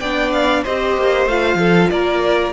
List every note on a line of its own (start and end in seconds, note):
0.00 0.64 B3
0.00 0.67 D4
0.00 0.63 D5
0.00 0.32 G5
0.33 0.64 F5
0.63 0.98 C4
0.63 1.29 G4
0.63 1.58 C5
0.63 1.28 D#5
0.98 1.26 A#3
1.26 1.55 A3
1.26 2.53 F4
1.26 1.90 F5
1.55 1.87 F3
1.55 1.90 A4
1.90 2.53 A#3
1.90 2.53 A#4
1.90 2.53 D5